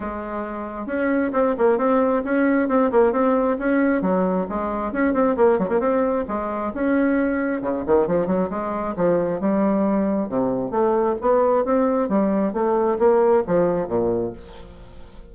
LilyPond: \new Staff \with { instrumentName = "bassoon" } { \time 4/4 \tempo 4 = 134 gis2 cis'4 c'8 ais8 | c'4 cis'4 c'8 ais8 c'4 | cis'4 fis4 gis4 cis'8 c'8 | ais8 fis16 ais16 c'4 gis4 cis'4~ |
cis'4 cis8 dis8 f8 fis8 gis4 | f4 g2 c4 | a4 b4 c'4 g4 | a4 ais4 f4 ais,4 | }